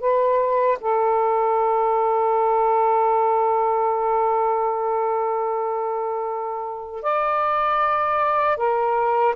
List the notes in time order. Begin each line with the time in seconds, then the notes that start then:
0.00 B4
0.80 A4
7.02 D5
8.57 A#4